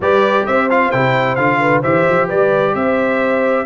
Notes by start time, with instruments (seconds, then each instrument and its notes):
0.00 tuba G3, trombone G4, horn B4, trumpet D5
0.46 tuba C4, horn C5, trumpet E5
0.70 trombone F4, trumpet F5
0.91 tuba C3, trombone E4, trumpet G5
1.35 tuba D3, trombone F4, trumpet F5
1.60 horn B4
1.81 tuba E3, trombone G4, horn C5, trumpet E5
2.08 tuba F3
2.27 tuba G3, horn B4, trumpet D5
2.74 tuba C4, horn C5, trumpet E5